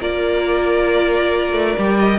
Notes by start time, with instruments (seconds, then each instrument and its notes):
0.00 cello A#3, viola F4, violin A#4 D5
1.52 cello A3
1.78 cello G3, viola G4
1.98 violin D#5